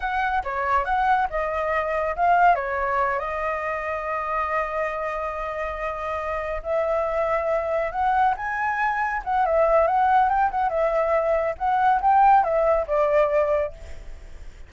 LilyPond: \new Staff \with { instrumentName = "flute" } { \time 4/4 \tempo 4 = 140 fis''4 cis''4 fis''4 dis''4~ | dis''4 f''4 cis''4. dis''8~ | dis''1~ | dis''2.~ dis''8 e''8~ |
e''2~ e''8 fis''4 gis''8~ | gis''4. fis''8 e''4 fis''4 | g''8 fis''8 e''2 fis''4 | g''4 e''4 d''2 | }